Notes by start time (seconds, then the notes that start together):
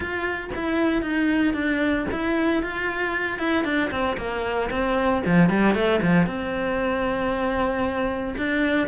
0.00 F4
0.55 E4
1.02 D#4
1.53 D4
2.11 E4
2.62 F4
3.38 E4
3.64 D4
3.90 C4
4.17 A#3
4.70 C4
5.25 F3
5.49 G3
5.74 A3
6.01 F3
6.26 C4
8.37 D4